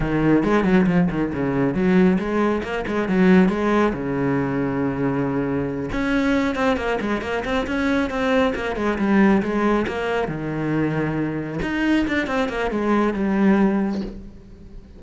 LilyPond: \new Staff \with { instrumentName = "cello" } { \time 4/4 \tempo 4 = 137 dis4 gis8 fis8 f8 dis8 cis4 | fis4 gis4 ais8 gis8 fis4 | gis4 cis2.~ | cis4. cis'4. c'8 ais8 |
gis8 ais8 c'8 cis'4 c'4 ais8 | gis8 g4 gis4 ais4 dis8~ | dis2~ dis8 dis'4 d'8 | c'8 ais8 gis4 g2 | }